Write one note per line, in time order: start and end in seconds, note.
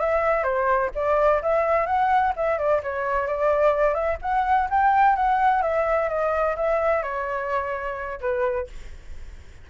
0.00 0.44 E5
0.44 0.91 C5
0.95 1.42 D5
1.43 1.87 E5
1.87 2.34 F#5
2.37 2.58 E5
2.58 2.82 D5
2.84 3.27 C#5
3.27 3.94 D5
3.94 4.18 E5
4.23 4.69 F#5
4.70 5.16 G5
5.16 5.63 F#5
5.63 6.09 E5
6.09 6.56 D#5
6.57 7.03 E5
7.03 8.20 C#5
8.21 8.68 B4